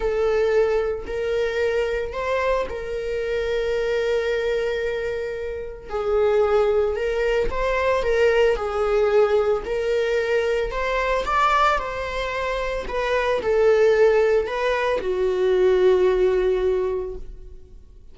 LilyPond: \new Staff \with { instrumentName = "viola" } { \time 4/4 \tempo 4 = 112 a'2 ais'2 | c''4 ais'2.~ | ais'2. gis'4~ | gis'4 ais'4 c''4 ais'4 |
gis'2 ais'2 | c''4 d''4 c''2 | b'4 a'2 b'4 | fis'1 | }